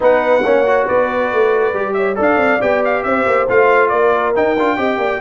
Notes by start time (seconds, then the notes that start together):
0.00 B3 D#4 B4 F#5
0.44 A#3 C#4 C#5
0.66 F#4
0.85 B3 B4 D5
1.32 A3
1.73 G3 G4
1.93 C#5 E5
2.15 D4 A4 D5
2.22 F5
2.36 C4
2.60 B3 G4 G5
2.84 F5
3.03 C4 C5 E5
3.26 A#3
3.49 A3 F4 F5
3.88 A#3 A#4 D5
4.35 D#4 G5
4.58 D4 F4
4.76 C4 G4 D#5
4.97 A#3 D5